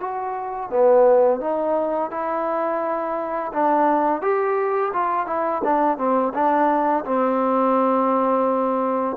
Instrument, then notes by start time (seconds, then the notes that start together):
trombone
0.00 F#4
0.70 B3
1.41 D#4
2.11 E4
3.53 D4
4.22 G4
4.93 F4
5.27 E4
5.64 D4
5.97 C4
6.34 D4
7.05 C4